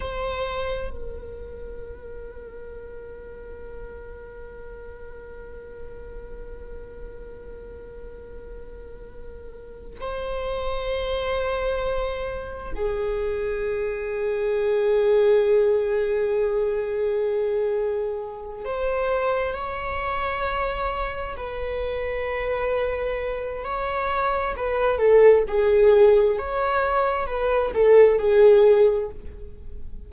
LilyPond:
\new Staff \with { instrumentName = "viola" } { \time 4/4 \tempo 4 = 66 c''4 ais'2.~ | ais'1~ | ais'2. c''4~ | c''2 gis'2~ |
gis'1~ | gis'8 c''4 cis''2 b'8~ | b'2 cis''4 b'8 a'8 | gis'4 cis''4 b'8 a'8 gis'4 | }